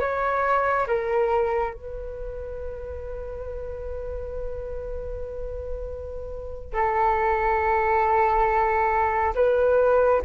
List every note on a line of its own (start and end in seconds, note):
0.00 0.87 C#5
0.87 1.74 A#4
1.74 6.73 B4
6.73 9.34 A4
9.35 10.22 B4